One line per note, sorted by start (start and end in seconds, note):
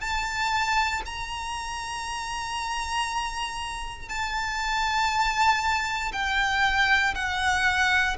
0.00 1.02 A5
1.05 4.08 A#5
4.08 6.12 A5
6.12 7.14 G5
7.14 8.16 F#5